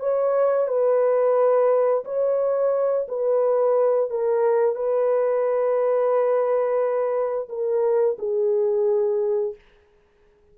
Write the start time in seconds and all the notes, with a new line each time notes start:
0.00 C#5
0.68 B4
2.05 C#5
3.09 B4
4.10 A#4
4.76 B4
7.49 A#4
8.19 G#4